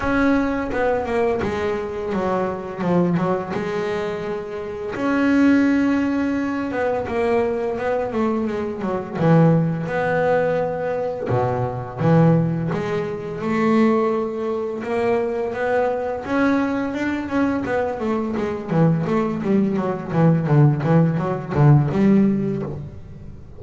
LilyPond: \new Staff \with { instrumentName = "double bass" } { \time 4/4 \tempo 4 = 85 cis'4 b8 ais8 gis4 fis4 | f8 fis8 gis2 cis'4~ | cis'4. b8 ais4 b8 a8 | gis8 fis8 e4 b2 |
b,4 e4 gis4 a4~ | a4 ais4 b4 cis'4 | d'8 cis'8 b8 a8 gis8 e8 a8 g8 | fis8 e8 d8 e8 fis8 d8 g4 | }